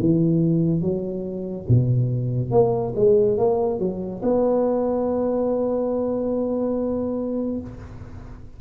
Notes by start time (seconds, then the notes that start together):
0.00 E3
0.81 F#3
1.68 B2
2.51 A#3
2.96 G#3
3.38 A#3
3.80 F#3
4.23 B3